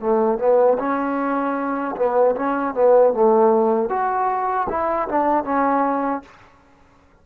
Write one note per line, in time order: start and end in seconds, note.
0.00 0.39 A3
0.39 0.78 B3
0.79 1.96 C#4
1.97 2.36 B3
2.36 2.74 C#4
2.74 3.13 B3
3.13 3.90 A3
3.90 4.68 F#4
4.70 5.09 E4
5.09 5.45 D4
5.45 6.23 C#4